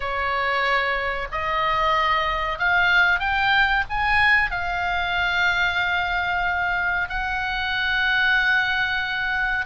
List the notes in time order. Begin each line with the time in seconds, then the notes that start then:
0.00 C#5
1.31 D#5
2.58 F5
3.19 G5
3.89 G#5
4.50 F5
7.09 F#5